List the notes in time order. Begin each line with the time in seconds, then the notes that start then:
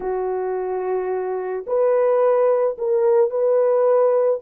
0.00 F#4
1.67 B4
2.77 A#4
3.30 B4